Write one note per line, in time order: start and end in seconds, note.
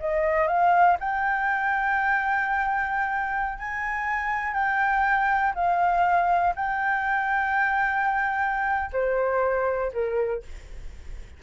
0.00 0.48 D#5
0.48 0.97 F5
1.00 3.59 G5
3.59 4.54 G#5
4.54 5.53 G5
5.55 6.55 F5
6.55 8.91 G5
8.93 9.92 C5
9.93 10.43 A#4